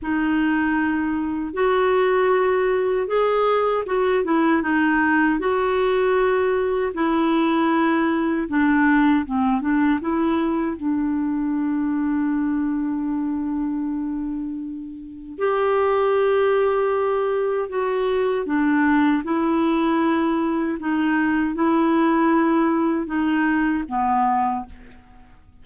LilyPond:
\new Staff \with { instrumentName = "clarinet" } { \time 4/4 \tempo 4 = 78 dis'2 fis'2 | gis'4 fis'8 e'8 dis'4 fis'4~ | fis'4 e'2 d'4 | c'8 d'8 e'4 d'2~ |
d'1 | g'2. fis'4 | d'4 e'2 dis'4 | e'2 dis'4 b4 | }